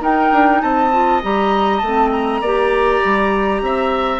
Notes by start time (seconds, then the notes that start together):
0.00 D#4 A#4 G5
0.31 D4
0.61 C4 D#5 A5
0.91 F4
1.22 G3 G4 A#5
1.79 A3 A5
1.85 C4
2.11 A#5
2.41 A#3 G4 D5
3.04 G3
3.61 C4 E5